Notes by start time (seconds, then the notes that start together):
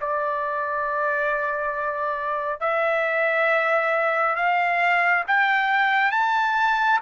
0.00 D5
2.60 E5
4.36 F5
5.27 G5
6.11 A5